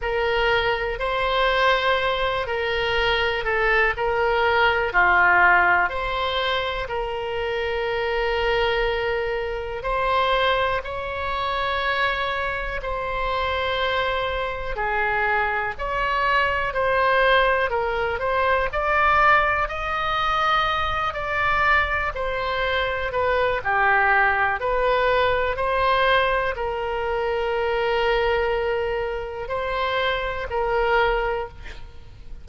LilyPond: \new Staff \with { instrumentName = "oboe" } { \time 4/4 \tempo 4 = 61 ais'4 c''4. ais'4 a'8 | ais'4 f'4 c''4 ais'4~ | ais'2 c''4 cis''4~ | cis''4 c''2 gis'4 |
cis''4 c''4 ais'8 c''8 d''4 | dis''4. d''4 c''4 b'8 | g'4 b'4 c''4 ais'4~ | ais'2 c''4 ais'4 | }